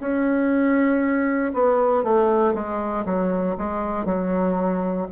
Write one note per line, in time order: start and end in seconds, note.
0.00 1.53 C#4
1.53 2.03 B3
2.03 2.54 A3
2.54 3.05 G#3
3.05 3.56 F#3
3.57 4.05 G#3
4.05 5.07 F#3